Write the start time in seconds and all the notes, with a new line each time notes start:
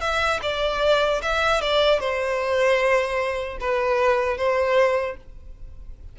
0.00 E5
0.42 D5
1.22 E5
1.61 D5
2.00 C5
3.60 B4
4.37 C5